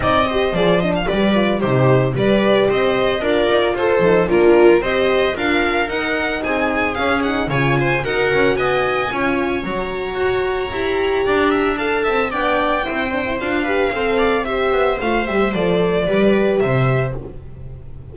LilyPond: <<
  \new Staff \with { instrumentName = "violin" } { \time 4/4 \tempo 4 = 112 dis''4 d''8 dis''16 f''16 d''4 c''4 | d''4 dis''4 d''4 c''4 | ais'4 dis''4 f''4 fis''4 | gis''4 f''8 fis''8 gis''4 fis''4 |
gis''2 ais''2~ | ais''2 a''4 g''4~ | g''4 f''2 e''4 | f''8 e''8 d''2 e''4 | }
  \new Staff \with { instrumentName = "viola" } { \time 4/4 d''8 c''4. b'4 g'4 | b'4 c''4 ais'4 a'4 | f'4 c''4 ais'2 | gis'2 cis''8 c''8 ais'4 |
dis''4 cis''2.~ | cis''4 d''8 e''8 f''8 e''8 d''4 | c''4. b'8 c''8 d''8 c''4~ | c''2 b'4 c''4 | }
  \new Staff \with { instrumentName = "horn" } { \time 4/4 dis'8 g'8 gis'8 d'8 g'8 f'8 dis'4 | g'2 f'4. dis'8 | d'4 g'4 f'4 dis'4~ | dis'4 cis'8 dis'8 f'4 fis'4~ |
fis'4 f'4 fis'2 | g'2 a'4 d'4 | e'8 d'16 e'16 f'8 g'8 a'4 g'4 | f'8 g'8 a'4 g'2 | }
  \new Staff \with { instrumentName = "double bass" } { \time 4/4 c'4 f4 g4 c4 | g4 c'4 d'8 dis'8 f'8 f8 | ais4 c'4 d'4 dis'4 | c'4 cis'4 cis4 dis'8 cis'8 |
b4 cis'4 fis4 fis'4 | e'4 d'4. c'8 b4 | c'4 d'4 c'4. b8 | a8 g8 f4 g4 c4 | }
>>